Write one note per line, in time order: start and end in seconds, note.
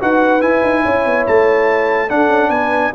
0.00 0.41 D#4
0.00 0.40 F#4
0.00 0.82 B4
0.00 0.41 F#5
0.40 2.08 E4
0.40 0.62 E4
0.40 1.25 G#5
0.63 0.84 D#4
0.82 1.05 C#4
0.82 2.08 C#5
1.05 1.26 B3
1.26 2.10 A3
1.26 2.09 A5
2.08 2.92 D4
2.08 2.28 D4
2.08 2.50 A4
2.08 2.50 F#5
2.28 2.49 C#4
2.49 2.91 B3
2.49 2.92 B4
2.49 2.92 G#5